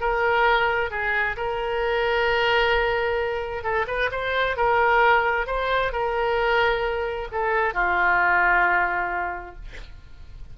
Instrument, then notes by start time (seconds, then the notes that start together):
oboe
0.00 A#4
0.90 G#4
1.36 A#4
3.63 A4
3.87 B4
4.11 C5
4.56 A#4
5.47 C5
5.92 A#4
7.31 A4
7.74 F4